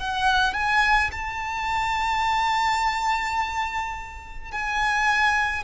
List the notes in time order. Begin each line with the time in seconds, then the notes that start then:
0.00 F#5
0.54 G#5
1.12 A5
4.52 G#5